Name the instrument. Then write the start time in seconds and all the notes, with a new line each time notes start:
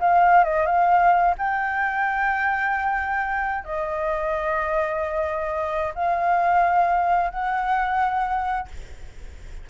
flute
0.00 F5
0.45 D#5
0.66 F5
1.39 G5
3.65 D#5
5.95 F5
7.31 F#5